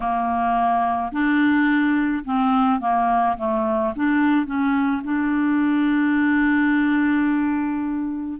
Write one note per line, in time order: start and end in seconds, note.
0.00 1.11 A#3
1.11 2.24 D4
2.24 2.80 C4
2.80 3.36 A#3
3.37 3.94 A3
3.95 4.46 D4
4.46 5.02 C#4
5.03 8.40 D4